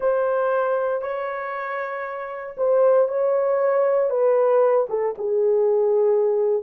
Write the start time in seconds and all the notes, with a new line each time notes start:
0.00 C5
1.01 C#5
2.57 C5
3.08 C#5
4.10 B4
4.89 A4
5.17 G#4